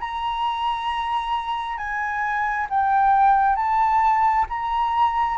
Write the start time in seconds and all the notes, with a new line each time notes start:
0.00 A#5
1.77 G#5
2.69 G5
3.56 A5
4.49 A#5